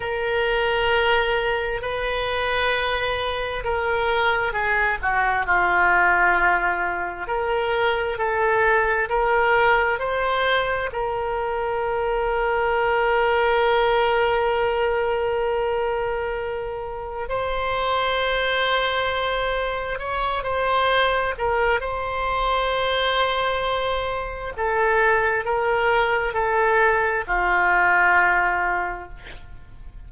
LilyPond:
\new Staff \with { instrumentName = "oboe" } { \time 4/4 \tempo 4 = 66 ais'2 b'2 | ais'4 gis'8 fis'8 f'2 | ais'4 a'4 ais'4 c''4 | ais'1~ |
ais'2. c''4~ | c''2 cis''8 c''4 ais'8 | c''2. a'4 | ais'4 a'4 f'2 | }